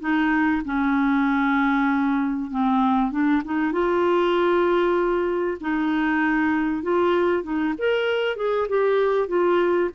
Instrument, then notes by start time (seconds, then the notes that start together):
clarinet
0.00 D#4
0.65 C#4
2.51 C4
3.11 D4
3.44 D#4
3.72 F4
5.61 D#4
6.83 F4
7.43 D#4
7.78 A#4
8.36 G#4
8.69 G4
9.28 F4